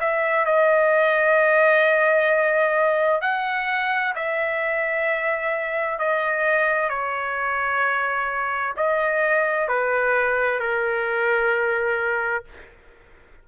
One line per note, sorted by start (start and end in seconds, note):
0.00 0.45 E5
0.45 3.21 D#5
3.21 4.14 F#5
4.15 5.99 E5
5.99 6.89 D#5
6.89 8.74 C#5
8.77 9.68 D#5
9.68 10.59 B4
10.59 12.44 A#4